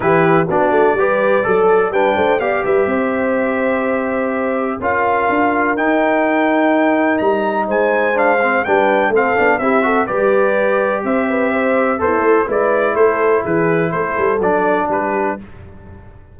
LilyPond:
<<
  \new Staff \with { instrumentName = "trumpet" } { \time 4/4 \tempo 4 = 125 b'4 d''2. | g''4 f''8 e''2~ e''8~ | e''2 f''2 | g''2. ais''4 |
gis''4 f''4 g''4 f''4 | e''4 d''2 e''4~ | e''4 c''4 d''4 c''4 | b'4 c''4 d''4 b'4 | }
  \new Staff \with { instrumentName = "horn" } { \time 4/4 g'4 fis'4 b'4 a'4 | b'8 c''8 d''8 b'8 c''2~ | c''2 ais'2~ | ais'1 |
c''2 b'4 a'4 | g'8 a'8 b'2 c''8 b'8 | c''4 e'4 b'4 a'4 | gis'4 a'2 g'4 | }
  \new Staff \with { instrumentName = "trombone" } { \time 4/4 e'4 d'4 g'4 a'4 | d'4 g'2.~ | g'2 f'2 | dis'1~ |
dis'4 d'8 c'8 d'4 c'8 d'8 | e'8 fis'8 g'2.~ | g'4 a'4 e'2~ | e'2 d'2 | }
  \new Staff \with { instrumentName = "tuba" } { \time 4/4 e4 b8 a8 g4 fis4 | g8 a8 b8 g8 c'2~ | c'2 cis'4 d'4 | dis'2. g4 |
gis2 g4 a8 b8 | c'4 g2 c'4~ | c'4 b8 a8 gis4 a4 | e4 a8 g8 fis4 g4 | }
>>